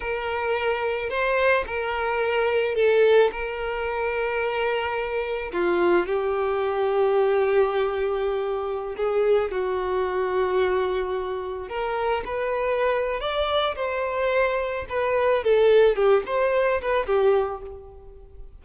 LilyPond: \new Staff \with { instrumentName = "violin" } { \time 4/4 \tempo 4 = 109 ais'2 c''4 ais'4~ | ais'4 a'4 ais'2~ | ais'2 f'4 g'4~ | g'1~ |
g'16 gis'4 fis'2~ fis'8.~ | fis'4~ fis'16 ais'4 b'4.~ b'16 | d''4 c''2 b'4 | a'4 g'8 c''4 b'8 g'4 | }